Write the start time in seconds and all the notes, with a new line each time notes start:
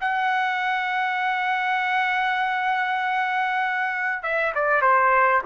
0.00 F#5
4.22 E5
4.55 D5
4.81 C5